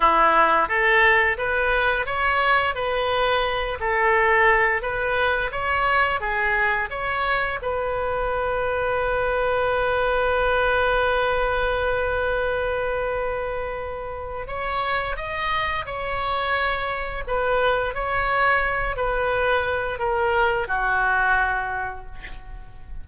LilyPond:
\new Staff \with { instrumentName = "oboe" } { \time 4/4 \tempo 4 = 87 e'4 a'4 b'4 cis''4 | b'4. a'4. b'4 | cis''4 gis'4 cis''4 b'4~ | b'1~ |
b'1~ | b'4 cis''4 dis''4 cis''4~ | cis''4 b'4 cis''4. b'8~ | b'4 ais'4 fis'2 | }